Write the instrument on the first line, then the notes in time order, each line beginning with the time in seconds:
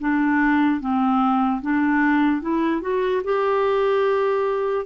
clarinet
0.00 D4
0.80 C4
1.62 D4
2.41 E4
2.81 F#4
3.24 G4